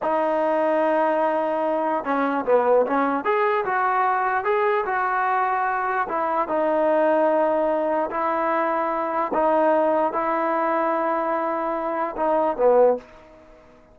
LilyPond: \new Staff \with { instrumentName = "trombone" } { \time 4/4 \tempo 4 = 148 dis'1~ | dis'4 cis'4 b4 cis'4 | gis'4 fis'2 gis'4 | fis'2. e'4 |
dis'1 | e'2. dis'4~ | dis'4 e'2.~ | e'2 dis'4 b4 | }